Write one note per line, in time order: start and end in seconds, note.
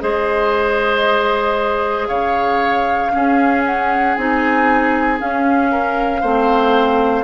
0.00 2.09 G#3
0.00 3.10 G#4
0.00 2.08 C5
0.00 2.08 D#5
2.08 3.13 C#3
2.08 3.12 C#5
2.08 3.63 F5
3.12 4.15 C#4
3.12 4.17 C#4
3.12 5.72 G#4
3.65 4.15 F#5
4.15 5.20 C4
4.15 5.19 D#4
4.15 5.19 G#5
5.19 6.22 C#4
5.19 6.23 C#4
5.19 7.24 F5
5.72 6.21 A#4
6.21 7.24 A3
6.21 7.24 C4
6.21 7.24 C5